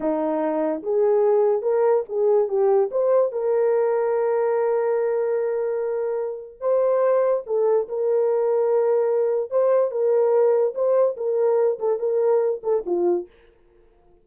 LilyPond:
\new Staff \with { instrumentName = "horn" } { \time 4/4 \tempo 4 = 145 dis'2 gis'2 | ais'4 gis'4 g'4 c''4 | ais'1~ | ais'1 |
c''2 a'4 ais'4~ | ais'2. c''4 | ais'2 c''4 ais'4~ | ais'8 a'8 ais'4. a'8 f'4 | }